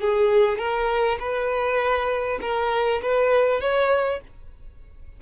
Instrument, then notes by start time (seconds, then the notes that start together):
violin
0.00 G#4
0.58 A#4
1.19 B4
2.41 A#4
3.02 B4
3.60 C#5